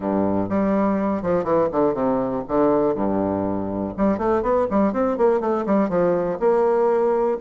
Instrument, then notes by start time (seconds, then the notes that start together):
bassoon
0.00 G2
0.49 G3
1.22 F3
1.44 E3
1.71 D3
1.94 C3
2.47 D3
2.94 G2
3.97 G3
4.18 A3
4.42 B3
4.70 G3
4.92 C4
5.17 A#3
5.40 A3
5.66 G3
5.89 F3
6.39 A#3